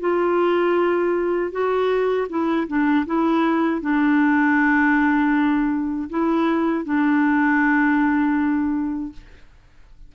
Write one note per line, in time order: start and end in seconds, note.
0.00 1.52 F4
1.52 2.28 F#4
2.29 2.67 E4
2.68 3.06 D4
3.06 3.81 E4
3.81 6.09 D4
6.10 6.85 E4
6.85 9.12 D4